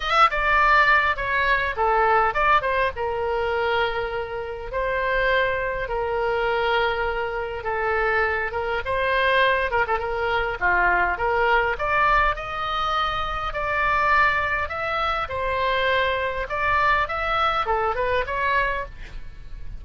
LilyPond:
\new Staff \with { instrumentName = "oboe" } { \time 4/4 \tempo 4 = 102 e''8 d''4. cis''4 a'4 | d''8 c''8 ais'2. | c''2 ais'2~ | ais'4 a'4. ais'8 c''4~ |
c''8 ais'16 a'16 ais'4 f'4 ais'4 | d''4 dis''2 d''4~ | d''4 e''4 c''2 | d''4 e''4 a'8 b'8 cis''4 | }